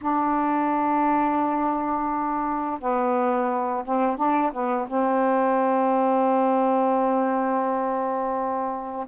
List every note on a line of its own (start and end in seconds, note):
0.01 2.79 D4
2.79 3.84 B3
3.84 4.16 C4
4.16 4.51 D4
4.52 4.87 B3
4.87 9.06 C4